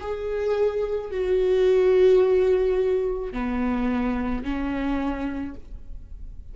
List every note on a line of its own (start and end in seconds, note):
0.00 1.11 G#4
1.11 3.32 F#4
3.32 4.43 B3
4.43 5.55 C#4